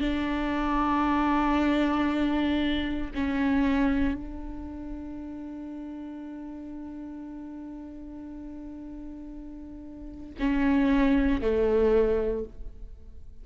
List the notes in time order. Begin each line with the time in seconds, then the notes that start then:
0.00 D4
3.14 C#4
4.14 D4
10.39 C#4
11.41 A3